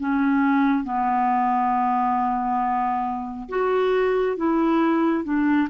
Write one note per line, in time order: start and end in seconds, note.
0.00 0.84 C#4
0.84 3.49 B3
3.49 4.37 F#4
4.37 5.24 E4
5.24 5.68 D4